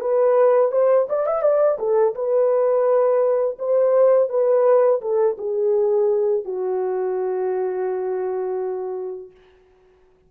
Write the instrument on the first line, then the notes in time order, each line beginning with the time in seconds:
horn
0.00 B4
0.71 C5
1.09 D5
1.26 E5
1.42 D5
1.79 A4
2.15 B4
3.58 C5
4.29 B4
5.01 A4
5.38 G#4
6.45 F#4